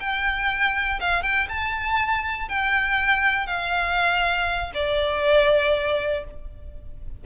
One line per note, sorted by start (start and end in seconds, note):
0.00 1.00 G5
1.00 1.23 F5
1.23 1.48 G5
1.49 2.49 A5
2.49 3.47 G5
3.47 4.72 F5
4.75 6.25 D5